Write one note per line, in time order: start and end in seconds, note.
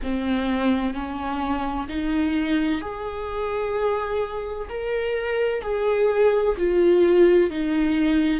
0.03 0.94 C4
0.94 1.87 C#4
1.88 2.81 D#4
2.81 4.68 G#4
4.69 5.62 A#4
5.62 6.55 G#4
6.57 7.50 F4
7.50 8.40 D#4